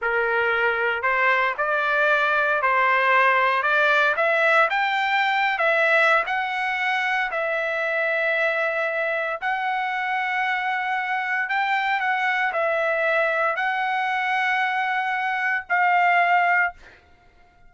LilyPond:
\new Staff \with { instrumentName = "trumpet" } { \time 4/4 \tempo 4 = 115 ais'2 c''4 d''4~ | d''4 c''2 d''4 | e''4 g''4.~ g''16 e''4~ e''16 | fis''2 e''2~ |
e''2 fis''2~ | fis''2 g''4 fis''4 | e''2 fis''2~ | fis''2 f''2 | }